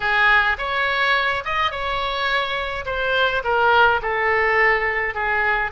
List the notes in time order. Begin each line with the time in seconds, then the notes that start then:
0.00 G#4
0.58 C#5
1.44 D#5
1.71 C#5
2.85 C5
3.43 A#4
4.02 A4
5.14 G#4